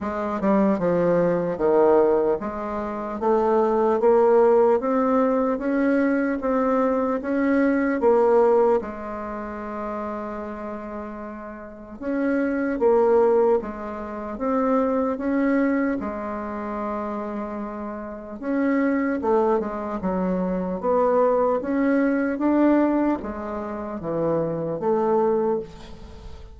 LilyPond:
\new Staff \with { instrumentName = "bassoon" } { \time 4/4 \tempo 4 = 75 gis8 g8 f4 dis4 gis4 | a4 ais4 c'4 cis'4 | c'4 cis'4 ais4 gis4~ | gis2. cis'4 |
ais4 gis4 c'4 cis'4 | gis2. cis'4 | a8 gis8 fis4 b4 cis'4 | d'4 gis4 e4 a4 | }